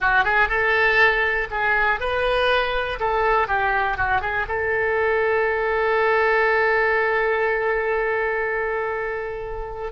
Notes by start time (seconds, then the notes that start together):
0.00 F#4
0.24 G#4
0.48 A4
1.50 G#4
2.00 B4
2.99 A4
3.47 G4
3.97 F#4
4.21 G#4
4.48 A4